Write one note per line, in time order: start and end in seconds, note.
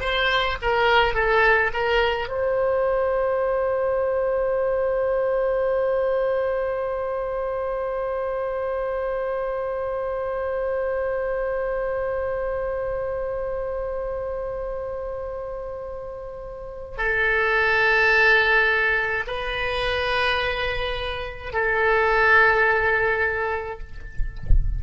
0.00 0.57 C5
0.62 1.14 A#4
1.14 1.71 A4
1.73 2.28 A#4
2.28 16.98 C5
16.98 19.24 A4
19.27 21.53 B4
21.53 23.79 A4